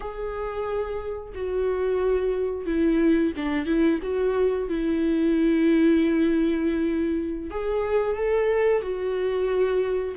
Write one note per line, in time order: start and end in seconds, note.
0.00 1.33 G#4
1.34 2.65 F#4
2.65 3.32 E4
3.36 3.66 D4
3.66 3.99 E4
4.02 4.68 F#4
4.68 7.50 E4
7.50 8.16 G#4
8.16 8.81 A4
8.81 10.15 F#4